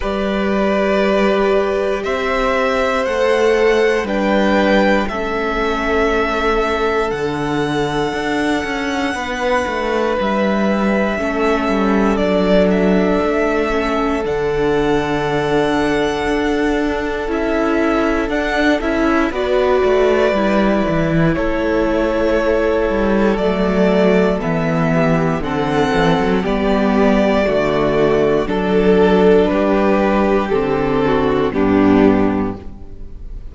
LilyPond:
<<
  \new Staff \with { instrumentName = "violin" } { \time 4/4 \tempo 4 = 59 d''2 e''4 fis''4 | g''4 e''2 fis''4~ | fis''2 e''2 | d''8 e''4. fis''2~ |
fis''4 e''4 fis''8 e''8 d''4~ | d''4 cis''2 d''4 | e''4 fis''4 d''2 | a'4 b'4 a'4 g'4 | }
  \new Staff \with { instrumentName = "violin" } { \time 4/4 b'2 c''2 | b'4 a'2.~ | a'4 b'2 a'4~ | a'1~ |
a'2. b'4~ | b'4 a'2.~ | a'8 g'8 a'4 g'4 fis'4 | a'4 g'4. fis'8 d'4 | }
  \new Staff \with { instrumentName = "viola" } { \time 4/4 g'2. a'4 | d'4 cis'2 d'4~ | d'2. cis'4 | d'4. cis'8 d'2~ |
d'4 e'4 d'8 e'8 fis'4 | e'2. a4 | b4 c'4 b4 a4 | d'2 c'4 b4 | }
  \new Staff \with { instrumentName = "cello" } { \time 4/4 g2 c'4 a4 | g4 a2 d4 | d'8 cis'8 b8 a8 g4 a8 g8 | fis4 a4 d2 |
d'4 cis'4 d'8 cis'8 b8 a8 | g8 e8 a4. g8 fis4 | e4 d8 e16 fis16 g4 d4 | fis4 g4 d4 g,4 | }
>>